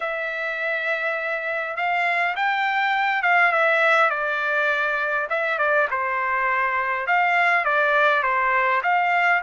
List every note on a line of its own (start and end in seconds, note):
0.00 1.76 E5
1.76 2.35 F5
2.35 3.22 G5
3.22 3.52 F5
3.52 4.10 E5
4.10 5.27 D5
5.29 5.58 E5
5.58 5.87 D5
5.90 7.06 C5
7.06 7.64 F5
7.64 8.22 D5
8.22 8.81 C5
8.83 9.41 F5